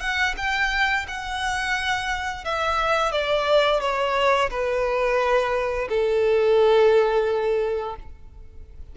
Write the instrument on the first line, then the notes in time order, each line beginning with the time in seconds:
violin
0.00 F#5
0.37 G5
1.08 F#5
2.45 E5
3.12 D5
3.81 C#5
4.50 B4
5.89 A4